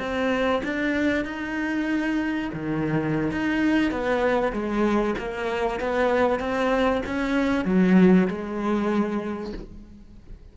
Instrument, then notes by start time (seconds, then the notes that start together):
cello
0.00 C4
0.64 D4
1.25 D#4
2.53 D#3
3.32 D#4
3.92 B3
4.53 G#3
5.19 A#3
5.81 B3
6.40 C4
7.06 C#4
7.65 F#3
8.28 G#3